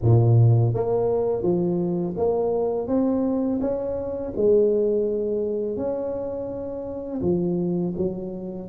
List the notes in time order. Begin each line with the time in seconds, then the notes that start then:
0.02 A#2
0.74 A#3
1.42 F3
2.16 A#3
2.87 C4
3.60 C#4
4.36 G#3
5.76 C#4
7.21 F3
7.97 F#3